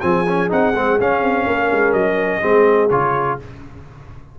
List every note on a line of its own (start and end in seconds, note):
0.00 0.51 F3
0.00 0.25 C4
0.00 1.47 G#4
0.00 0.48 G#5
0.27 0.49 C#4
0.49 0.75 C4
0.49 0.73 D#4
0.49 0.99 F#5
0.75 0.99 G#3
0.75 0.99 C4
0.99 1.21 C#4
0.99 2.41 C#4
0.99 1.93 F5
1.21 1.45 C4
1.46 1.70 A#3
1.46 2.43 A#4
1.71 1.92 G#3
1.92 2.40 F#3
1.92 2.89 D#5
2.41 2.90 G#3
2.41 2.89 C4
2.41 3.39 G#4
2.89 3.38 C#3
2.89 3.39 F4
2.89 3.37 C#5